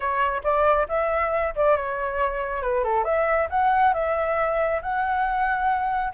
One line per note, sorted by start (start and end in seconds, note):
0.00 0.41 C#5
0.43 0.87 D5
0.88 1.54 E5
1.55 1.76 D5
1.76 2.62 C#5
2.62 2.83 B4
2.83 3.04 A4
3.04 3.48 E5
3.50 3.93 F#5
3.93 4.81 E5
4.82 6.13 F#5